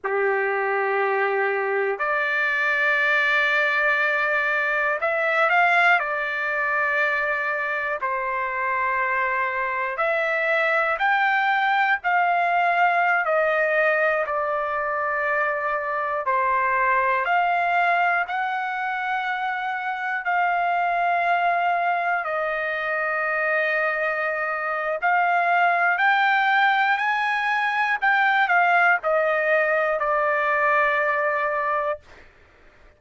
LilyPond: \new Staff \with { instrumentName = "trumpet" } { \time 4/4 \tempo 4 = 60 g'2 d''2~ | d''4 e''8 f''8 d''2 | c''2 e''4 g''4 | f''4~ f''16 dis''4 d''4.~ d''16~ |
d''16 c''4 f''4 fis''4.~ fis''16~ | fis''16 f''2 dis''4.~ dis''16~ | dis''4 f''4 g''4 gis''4 | g''8 f''8 dis''4 d''2 | }